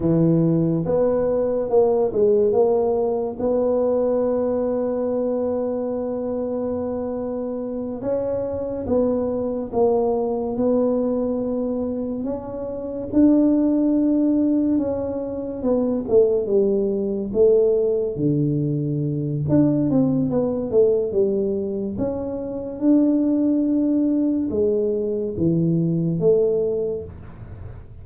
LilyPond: \new Staff \with { instrumentName = "tuba" } { \time 4/4 \tempo 4 = 71 e4 b4 ais8 gis8 ais4 | b1~ | b4. cis'4 b4 ais8~ | ais8 b2 cis'4 d'8~ |
d'4. cis'4 b8 a8 g8~ | g8 a4 d4. d'8 c'8 | b8 a8 g4 cis'4 d'4~ | d'4 gis4 e4 a4 | }